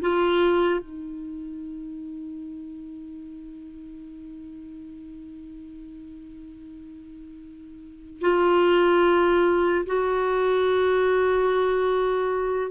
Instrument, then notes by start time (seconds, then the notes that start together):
clarinet
0.00 F4
0.80 D#4
8.20 F4
9.86 F#4